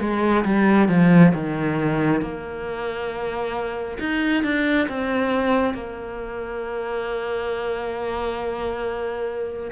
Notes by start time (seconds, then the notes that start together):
0.00 G#3
0.45 G3
0.89 F3
1.34 D#3
2.21 A#3
3.99 D#4
4.44 D4
4.89 C4
5.74 A#3